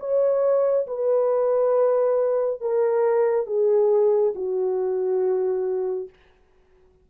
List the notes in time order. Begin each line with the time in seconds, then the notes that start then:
0.00 C#5
0.87 B4
2.62 A#4
3.47 G#4
4.36 F#4